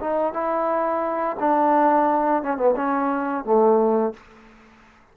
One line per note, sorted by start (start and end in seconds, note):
0.00 0.33 D#4
0.33 1.36 E4
1.39 2.43 D4
2.43 2.57 C#4
2.57 2.74 B3
2.76 3.44 C#4
3.44 4.13 A3